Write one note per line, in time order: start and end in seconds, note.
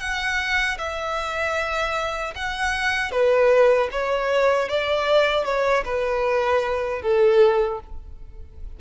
0.00 0.78 F#5
0.78 2.34 E5
2.35 3.11 F#5
3.11 3.89 B4
3.92 4.69 C#5
4.69 5.45 D5
5.45 5.84 C#5
5.85 7.02 B4
7.02 7.80 A4